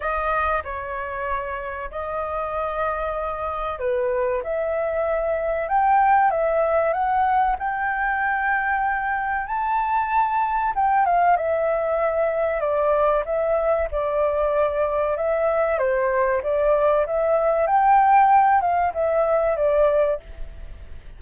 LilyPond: \new Staff \with { instrumentName = "flute" } { \time 4/4 \tempo 4 = 95 dis''4 cis''2 dis''4~ | dis''2 b'4 e''4~ | e''4 g''4 e''4 fis''4 | g''2. a''4~ |
a''4 g''8 f''8 e''2 | d''4 e''4 d''2 | e''4 c''4 d''4 e''4 | g''4. f''8 e''4 d''4 | }